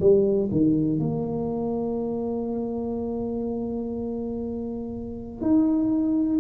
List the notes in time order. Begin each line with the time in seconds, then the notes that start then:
0.00 G3
0.51 D#3
0.99 A#3
5.41 D#4